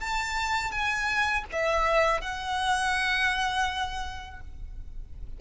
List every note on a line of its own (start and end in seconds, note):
0.00 0.71 A5
0.71 1.44 G#5
1.52 2.21 E5
2.21 4.41 F#5